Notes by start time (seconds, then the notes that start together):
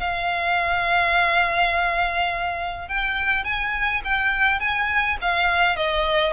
0.00 F5
2.88 G5
3.45 G#5
4.04 G5
4.60 G#5
5.22 F5
5.77 D#5